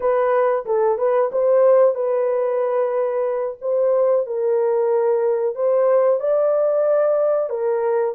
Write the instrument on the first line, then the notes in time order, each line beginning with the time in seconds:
horn
0.00 B4
0.65 A4
0.98 B4
1.32 C5
1.94 B4
3.61 C5
4.26 A#4
5.55 C5
6.20 D5
7.49 A#4